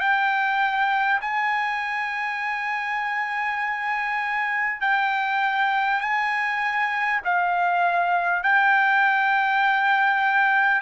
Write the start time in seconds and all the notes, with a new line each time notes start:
0.00 G5
1.21 G#5
4.81 G5
6.00 G#5
7.24 F5
8.43 G5